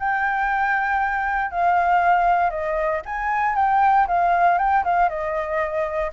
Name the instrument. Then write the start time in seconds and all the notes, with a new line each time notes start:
flute
0.00 G5
1.51 F5
2.51 D#5
3.06 G#5
3.56 G5
4.08 F5
4.59 G5
4.85 F5
5.09 D#5